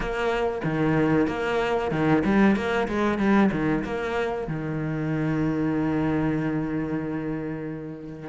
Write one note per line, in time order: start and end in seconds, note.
0.00 0.61 A#3
0.64 1.27 D#3
1.27 1.91 A#3
1.91 2.23 D#3
2.25 2.55 G3
2.55 2.87 A#3
2.88 3.18 G#3
3.18 3.50 G3
3.51 3.83 D#3
3.84 4.47 A#3
4.47 8.29 D#3